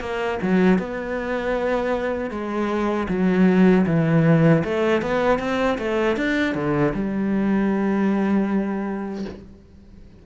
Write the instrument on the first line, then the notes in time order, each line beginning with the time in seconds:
cello
0.00 A#3
0.42 F#3
0.79 B3
2.30 G#3
3.08 F#3
3.86 E3
4.64 A3
5.02 B3
5.39 C4
5.78 A3
6.16 D4
6.54 D3
6.94 G3